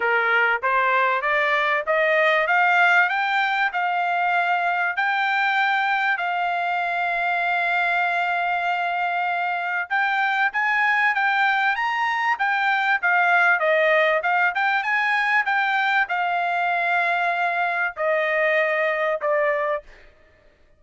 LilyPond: \new Staff \with { instrumentName = "trumpet" } { \time 4/4 \tempo 4 = 97 ais'4 c''4 d''4 dis''4 | f''4 g''4 f''2 | g''2 f''2~ | f''1 |
g''4 gis''4 g''4 ais''4 | g''4 f''4 dis''4 f''8 g''8 | gis''4 g''4 f''2~ | f''4 dis''2 d''4 | }